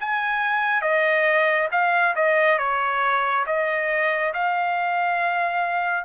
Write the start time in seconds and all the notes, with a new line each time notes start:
0.00 G#5
0.81 D#5
1.71 F5
2.15 D#5
2.58 C#5
3.46 D#5
4.34 F5